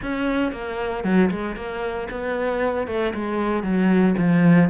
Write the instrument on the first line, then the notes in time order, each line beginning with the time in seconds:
cello
0.02 C#4
0.52 A#3
1.04 F#3
1.30 G#3
1.55 A#3
2.10 B3
2.87 A3
3.14 G#3
3.63 F#3
4.17 F3